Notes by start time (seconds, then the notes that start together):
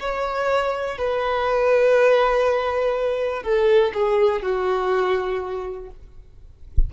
0.00 C#5
0.98 B4
3.44 A4
3.94 G#4
4.43 F#4